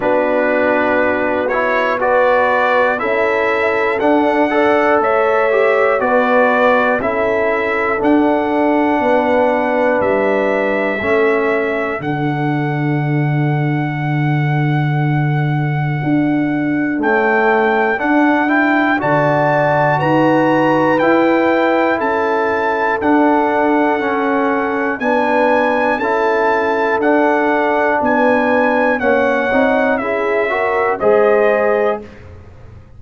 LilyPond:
<<
  \new Staff \with { instrumentName = "trumpet" } { \time 4/4 \tempo 4 = 60 b'4. cis''8 d''4 e''4 | fis''4 e''4 d''4 e''4 | fis''2 e''2 | fis''1~ |
fis''4 g''4 fis''8 g''8 a''4 | ais''4 g''4 a''4 fis''4~ | fis''4 gis''4 a''4 fis''4 | gis''4 fis''4 e''4 dis''4 | }
  \new Staff \with { instrumentName = "horn" } { \time 4/4 fis'2 b'4 a'4~ | a'8 d''8 cis''4 b'4 a'4~ | a'4 b'2 a'4~ | a'1~ |
a'2. d''4 | b'2 a'2~ | a'4 b'4 a'2 | b'4 cis''4 gis'8 ais'8 c''4 | }
  \new Staff \with { instrumentName = "trombone" } { \time 4/4 d'4. e'8 fis'4 e'4 | d'8 a'4 g'8 fis'4 e'4 | d'2. cis'4 | d'1~ |
d'4 a4 d'8 e'8 fis'4~ | fis'4 e'2 d'4 | cis'4 d'4 e'4 d'4~ | d'4 cis'8 dis'8 e'8 fis'8 gis'4 | }
  \new Staff \with { instrumentName = "tuba" } { \time 4/4 b2. cis'4 | d'4 a4 b4 cis'4 | d'4 b4 g4 a4 | d1 |
d'4 cis'4 d'4 d4 | dis'4 e'4 cis'4 d'4 | cis'4 b4 cis'4 d'4 | b4 ais8 c'8 cis'4 gis4 | }
>>